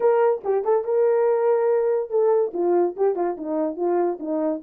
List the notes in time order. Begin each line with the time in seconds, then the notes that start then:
0.00 A#4
0.44 G4
0.64 A4
0.84 A#4
2.10 A4
2.53 F4
2.96 G4
3.15 F4
3.37 D#4
3.76 F4
4.19 D#4